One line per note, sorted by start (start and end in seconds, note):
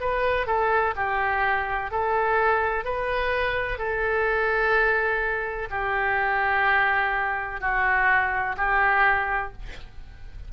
0.00 0.47 B4
0.47 0.94 A4
0.96 1.91 G4
1.91 2.85 A4
2.85 3.78 B4
3.78 5.69 A4
5.70 7.61 G4
7.61 8.56 F#4
8.57 9.52 G4